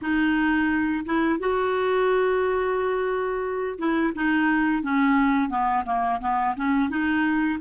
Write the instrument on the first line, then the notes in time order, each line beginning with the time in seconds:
clarinet
0.01 D#4
1.05 E4
1.39 F#4
3.78 E4
4.15 D#4
4.82 C#4
5.49 B3
5.85 A#3
6.20 B3
6.56 C#4
6.89 D#4